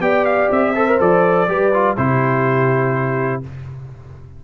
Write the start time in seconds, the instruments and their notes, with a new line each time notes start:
0.00 tuba B3, trombone G4, horn D5, trumpet G5
0.25 trumpet F5
0.51 tuba C4, trumpet E5
0.75 trombone A4, horn C5
0.88 trombone A#4
0.99 tuba F3, trombone A4, trumpet D5
1.48 tuba G3, trombone G4, horn B4
1.74 trombone F4
1.97 tuba C3, trombone E4, horn G4, trumpet C5